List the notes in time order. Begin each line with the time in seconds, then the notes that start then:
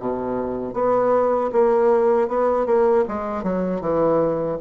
0.00 B2
0.74 B3
1.53 A#3
2.28 B3
2.66 A#3
3.08 G#3
3.43 F#3
3.81 E3